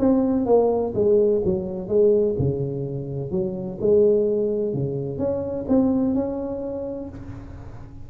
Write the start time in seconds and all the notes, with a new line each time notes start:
0.00 C4
0.46 A#3
0.95 G#3
1.45 F#3
1.89 G#3
2.39 C#3
3.32 F#3
3.81 G#3
4.74 C#3
5.19 C#4
5.69 C4
6.15 C#4